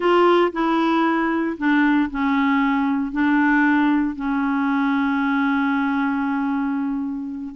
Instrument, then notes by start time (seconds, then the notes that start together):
clarinet
0.00 F4
0.52 E4
1.57 D4
2.10 C#4
3.11 D4
4.15 C#4